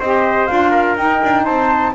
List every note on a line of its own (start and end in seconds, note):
0.00 0.49 C4
0.00 0.48 G4
0.00 0.71 C5
0.00 0.47 D#5
0.47 0.97 D4
0.47 0.97 F4
0.47 0.96 F5
0.71 1.44 A#4
0.97 1.22 D#4
0.97 1.95 D#4
0.97 1.45 G5
1.24 1.47 D4
1.45 1.95 C4
1.45 1.94 C5
1.45 1.94 A5